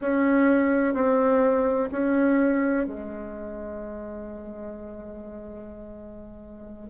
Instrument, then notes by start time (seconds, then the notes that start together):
bassoon
0.01 C#4
0.94 C4
1.91 C#4
2.86 G#3